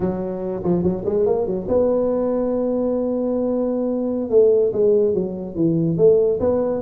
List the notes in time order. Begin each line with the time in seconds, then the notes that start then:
0.00 F#3
0.63 F3
0.83 F#3
1.05 G#3
1.25 A#3
1.46 F#3
1.68 B3
4.30 A3
4.72 G#3
5.14 F#3
5.55 E3
5.97 A3
6.40 B3